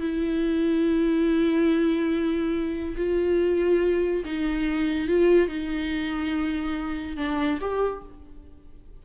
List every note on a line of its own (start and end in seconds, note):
0.00 2.96 E4
2.97 4.24 F4
4.25 5.08 D#4
5.08 5.48 F4
5.48 7.17 D#4
7.17 7.59 D4
7.61 8.03 G4